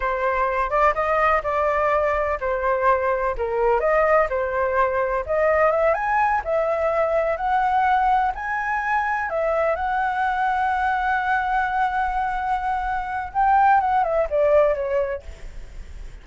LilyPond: \new Staff \with { instrumentName = "flute" } { \time 4/4 \tempo 4 = 126 c''4. d''8 dis''4 d''4~ | d''4 c''2 ais'4 | dis''4 c''2 dis''4 | e''8 gis''4 e''2 fis''8~ |
fis''4. gis''2 e''8~ | e''8 fis''2.~ fis''8~ | fis''1 | g''4 fis''8 e''8 d''4 cis''4 | }